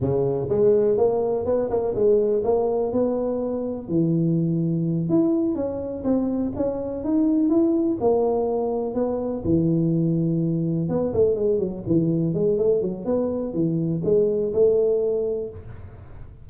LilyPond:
\new Staff \with { instrumentName = "tuba" } { \time 4/4 \tempo 4 = 124 cis4 gis4 ais4 b8 ais8 | gis4 ais4 b2 | e2~ e8 e'4 cis'8~ | cis'8 c'4 cis'4 dis'4 e'8~ |
e'8 ais2 b4 e8~ | e2~ e8 b8 a8 gis8 | fis8 e4 gis8 a8 fis8 b4 | e4 gis4 a2 | }